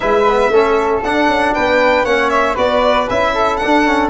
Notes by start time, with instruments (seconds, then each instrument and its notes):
0.00 tuba G#3, trombone E4, flute B4, violin E5
0.28 trombone B3
0.49 tuba A3, trombone C#4, flute A4
1.03 tuba D4, trombone D4, violin F#5
1.27 tuba C#4
1.54 tuba B3, flute B4, violin G5
2.04 tuba A#3, trombone C#4, flute C#5, violin F#5
2.29 violin E5
2.54 tuba B3, trombone F#4, flute B4, violin D5
3.09 tuba C#4, trombone E4, violin E5
3.34 flute A4
3.57 trombone D4, violin F#5
3.64 tuba D4
3.85 trombone C#4